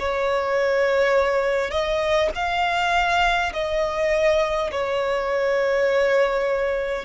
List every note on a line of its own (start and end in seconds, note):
0.00 1.71 C#5
1.71 2.30 D#5
2.35 3.53 F5
3.53 4.71 D#5
4.72 7.05 C#5